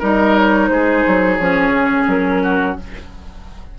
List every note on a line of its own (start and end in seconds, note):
0.00 0.70 G3
0.00 1.40 D#4
0.00 0.69 A#4
0.00 0.37 D#5
0.37 0.69 C#5
0.69 1.04 G#3
0.69 2.43 G#4
0.69 1.36 C5
1.07 1.39 F#3
1.36 1.70 F3
1.36 2.79 C#4
1.36 2.05 C#5
1.70 2.04 C#3
2.07 2.76 F#3
2.07 2.77 A#4
2.43 2.77 F#4